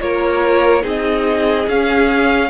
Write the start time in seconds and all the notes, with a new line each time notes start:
0.00 A#3 F4 A#4 C#5
0.82 C4 D#4 G#4 D#5
1.67 C#4 F5